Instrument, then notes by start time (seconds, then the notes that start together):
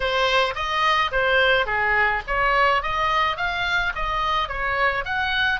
oboe
0.00 C5
0.55 D#5
1.11 C5
1.66 G#4
2.27 C#5
2.82 D#5
3.36 F5
3.95 D#5
4.48 C#5
5.04 F#5